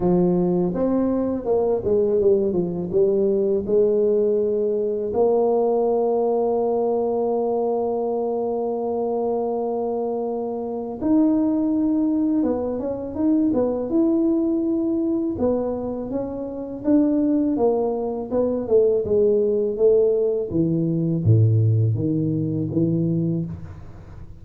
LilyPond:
\new Staff \with { instrumentName = "tuba" } { \time 4/4 \tempo 4 = 82 f4 c'4 ais8 gis8 g8 f8 | g4 gis2 ais4~ | ais1~ | ais2. dis'4~ |
dis'4 b8 cis'8 dis'8 b8 e'4~ | e'4 b4 cis'4 d'4 | ais4 b8 a8 gis4 a4 | e4 a,4 dis4 e4 | }